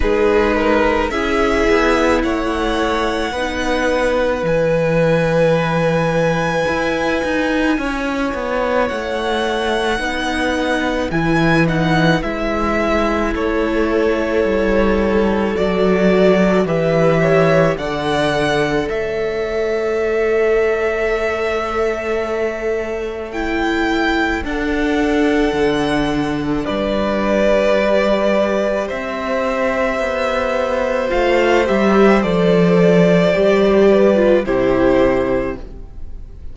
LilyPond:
<<
  \new Staff \with { instrumentName = "violin" } { \time 4/4 \tempo 4 = 54 b'4 e''4 fis''2 | gis''1 | fis''2 gis''8 fis''8 e''4 | cis''2 d''4 e''4 |
fis''4 e''2.~ | e''4 g''4 fis''2 | d''2 e''2 | f''8 e''8 d''2 c''4 | }
  \new Staff \with { instrumentName = "violin" } { \time 4/4 gis'8 ais'8 gis'4 cis''4 b'4~ | b'2. cis''4~ | cis''4 b'2. | a'2. b'8 cis''8 |
d''4 cis''2.~ | cis''2 a'2 | b'2 c''2~ | c''2~ c''8 b'8 g'4 | }
  \new Staff \with { instrumentName = "viola" } { \time 4/4 dis'4 e'2 dis'4 | e'1~ | e'4 dis'4 e'8 dis'8 e'4~ | e'2 fis'4 g'4 |
a'1~ | a'4 e'4 d'2~ | d'4 g'2. | f'8 g'8 a'4 g'8. f'16 e'4 | }
  \new Staff \with { instrumentName = "cello" } { \time 4/4 gis4 cis'8 b8 a4 b4 | e2 e'8 dis'8 cis'8 b8 | a4 b4 e4 gis4 | a4 g4 fis4 e4 |
d4 a2.~ | a2 d'4 d4 | g2 c'4 b4 | a8 g8 f4 g4 c4 | }
>>